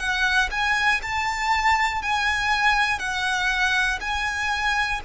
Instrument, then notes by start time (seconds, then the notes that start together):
violin
0.00 F#5
0.52 G#5
1.03 A5
2.02 G#5
3.00 F#5
4.01 G#5